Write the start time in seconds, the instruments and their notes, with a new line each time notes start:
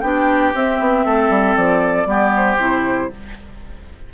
0.00 bassoon B3, clarinet D4, oboe G4, flute G5
0.54 bassoon C4, clarinet C4, flute E5
0.79 bassoon B3
1.05 bassoon A3, oboe A4
1.29 bassoon G3
1.56 bassoon F3, flute D5
2.06 bassoon G3, clarinet B3, oboe G4
2.36 flute C5
2.57 bassoon C3, clarinet E4